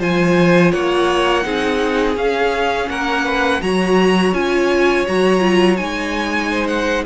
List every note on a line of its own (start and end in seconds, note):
0.00 0.73 F3
0.00 1.43 F4
0.00 0.72 C5
0.00 0.72 G#5
0.72 1.45 A#3
0.72 1.44 C#5
0.72 2.16 F#5
1.43 2.16 C4
1.43 2.15 D#4
1.43 2.89 G#4
2.16 2.88 C#4
2.16 3.61 C#4
2.16 2.89 F5
2.89 3.62 A#3
2.89 3.25 A#4
2.89 3.62 F#5
3.25 3.61 B4
3.61 4.33 F#3
3.61 4.34 F#4
3.61 6.51 C#5
3.61 4.34 A#5
4.33 5.05 C#4
4.33 5.06 F4
4.33 5.06 G#5
5.06 5.81 F#3
5.06 5.40 F#4
5.06 5.77 A#5
5.40 5.76 F4
5.77 7.06 G#3
5.77 7.05 D#4
5.77 6.67 G#5
6.51 7.05 C5
6.68 7.04 F#5